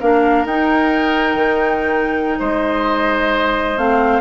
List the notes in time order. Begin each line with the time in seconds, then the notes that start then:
0.00 A#3 D4 A#4 F5
0.45 D#4 G5
1.35 D#3
2.39 G#3 C5 D#5
3.78 A3 C4 F5